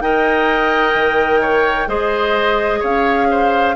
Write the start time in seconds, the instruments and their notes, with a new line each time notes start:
0.00 bassoon D#4, clarinet A#4, oboe D#5, flute G5
0.94 bassoon D#3
1.41 oboe C#5
1.87 bassoon G#3, clarinet G#4, oboe C5, flute D#5
2.79 bassoon C#4, oboe C#5, flute F5
3.30 oboe C5